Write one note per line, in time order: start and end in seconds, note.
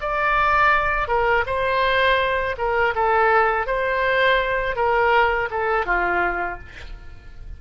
0.00 1.07 D5
1.07 1.44 A#4
1.46 2.55 C5
2.57 2.94 A#4
2.95 3.67 A4
3.67 4.76 C5
4.76 5.49 A#4
5.50 5.85 A4
5.85 6.59 F4